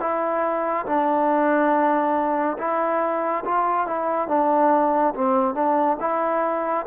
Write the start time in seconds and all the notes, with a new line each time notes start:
0.00 E4
0.86 D4
2.58 E4
3.45 F4
3.87 E4
4.28 D4
5.15 C4
5.54 D4
6.00 E4